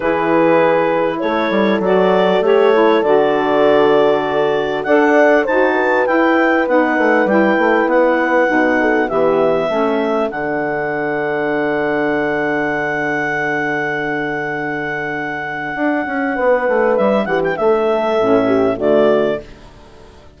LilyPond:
<<
  \new Staff \with { instrumentName = "clarinet" } { \time 4/4 \tempo 4 = 99 b'2 cis''4 d''4 | cis''4 d''2. | fis''4 a''4 g''4 fis''4 | g''4 fis''2 e''4~ |
e''4 fis''2.~ | fis''1~ | fis''1 | e''8 fis''16 g''16 e''2 d''4 | }
  \new Staff \with { instrumentName = "horn" } { \time 4/4 gis'2 a'2~ | a'1 | d''4 c''8 b'2~ b'8~ | b'2~ b'8 a'8 g'4 |
a'1~ | a'1~ | a'2. b'4~ | b'8 g'8 a'4. g'8 fis'4 | }
  \new Staff \with { instrumentName = "saxophone" } { \time 4/4 e'2. fis'4 | g'8 e'8 fis'2. | a'4 fis'4 e'4 dis'4 | e'2 dis'4 b4 |
cis'4 d'2.~ | d'1~ | d'1~ | d'2 cis'4 a4 | }
  \new Staff \with { instrumentName = "bassoon" } { \time 4/4 e2 a8 g8 fis4 | a4 d2. | d'4 dis'4 e'4 b8 a8 | g8 a8 b4 b,4 e4 |
a4 d2.~ | d1~ | d2 d'8 cis'8 b8 a8 | g8 e8 a4 a,4 d4 | }
>>